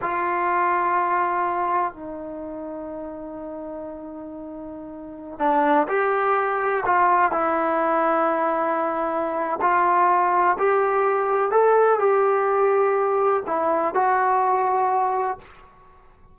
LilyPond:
\new Staff \with { instrumentName = "trombone" } { \time 4/4 \tempo 4 = 125 f'1 | dis'1~ | dis'2.~ dis'16 d'8.~ | d'16 g'2 f'4 e'8.~ |
e'1 | f'2 g'2 | a'4 g'2. | e'4 fis'2. | }